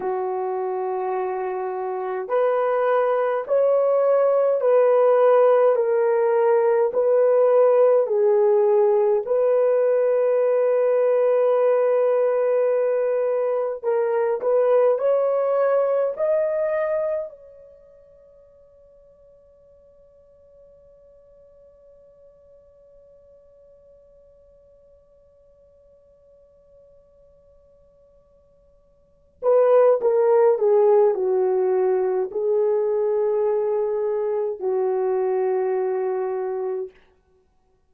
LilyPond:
\new Staff \with { instrumentName = "horn" } { \time 4/4 \tempo 4 = 52 fis'2 b'4 cis''4 | b'4 ais'4 b'4 gis'4 | b'1 | ais'8 b'8 cis''4 dis''4 cis''4~ |
cis''1~ | cis''1~ | cis''4. b'8 ais'8 gis'8 fis'4 | gis'2 fis'2 | }